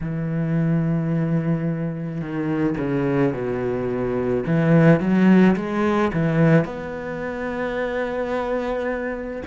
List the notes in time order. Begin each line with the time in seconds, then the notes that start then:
0.00 E3
2.21 D#3
2.78 C#3
3.33 B2
4.46 E3
4.99 F#3
5.56 G#3
6.13 E3
6.64 B3